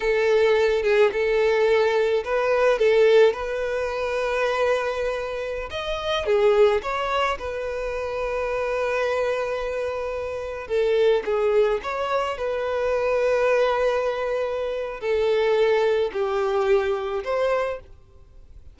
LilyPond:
\new Staff \with { instrumentName = "violin" } { \time 4/4 \tempo 4 = 108 a'4. gis'8 a'2 | b'4 a'4 b'2~ | b'2~ b'16 dis''4 gis'8.~ | gis'16 cis''4 b'2~ b'8.~ |
b'2.~ b'16 a'8.~ | a'16 gis'4 cis''4 b'4.~ b'16~ | b'2. a'4~ | a'4 g'2 c''4 | }